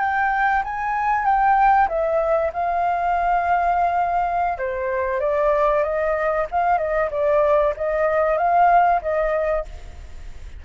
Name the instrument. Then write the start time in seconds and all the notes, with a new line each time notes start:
flute
0.00 G5
0.64 G#5
1.25 G5
1.89 E5
2.53 F5
4.58 C5
5.20 D5
5.83 D#5
6.51 F5
6.78 D#5
7.11 D5
7.77 D#5
8.38 F5
9.02 D#5